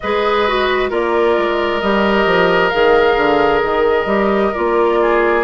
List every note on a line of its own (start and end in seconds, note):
0.00 0.91 G#3
0.00 0.48 G#4
0.00 0.90 B4
0.00 0.90 D#5
0.48 0.90 F#4
0.90 1.36 A#3
0.90 1.81 F4
0.90 4.99 A#4
0.90 1.80 D5
1.37 1.82 G#3
1.80 2.25 G3
1.80 2.72 G4
1.80 2.69 D#5
2.25 2.71 F3
2.69 3.16 D#3
2.69 4.06 G#4
2.69 3.59 F5
3.16 3.61 D3
3.63 4.05 D#3
3.63 4.53 D#5
4.05 4.51 G3
4.05 4.52 G4
4.53 5.43 A#3
4.53 5.43 F4
4.53 5.43 D5
5.01 5.43 G#4